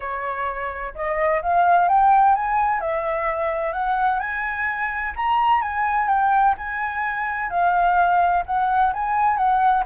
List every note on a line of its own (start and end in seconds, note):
0.00 0.94 C#5
0.94 1.41 D#5
1.41 1.88 F5
1.88 2.35 G5
2.35 2.80 G#5
2.80 3.72 E5
3.72 4.19 F#5
4.19 5.13 G#5
5.16 5.61 A#5
5.61 6.08 G#5
6.08 6.55 G5
6.57 7.50 G#5
7.50 8.43 F5
8.45 8.92 F#5
8.93 9.37 G#5
9.37 9.84 F#5